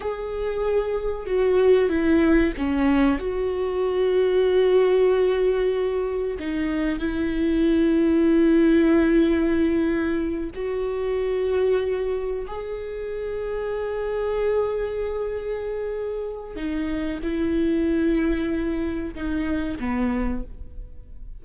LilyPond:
\new Staff \with { instrumentName = "viola" } { \time 4/4 \tempo 4 = 94 gis'2 fis'4 e'4 | cis'4 fis'2.~ | fis'2 dis'4 e'4~ | e'1~ |
e'8 fis'2. gis'8~ | gis'1~ | gis'2 dis'4 e'4~ | e'2 dis'4 b4 | }